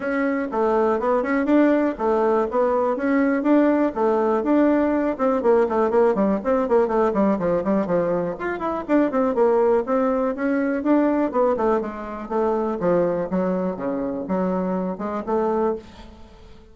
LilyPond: \new Staff \with { instrumentName = "bassoon" } { \time 4/4 \tempo 4 = 122 cis'4 a4 b8 cis'8 d'4 | a4 b4 cis'4 d'4 | a4 d'4. c'8 ais8 a8 | ais8 g8 c'8 ais8 a8 g8 f8 g8 |
f4 f'8 e'8 d'8 c'8 ais4 | c'4 cis'4 d'4 b8 a8 | gis4 a4 f4 fis4 | cis4 fis4. gis8 a4 | }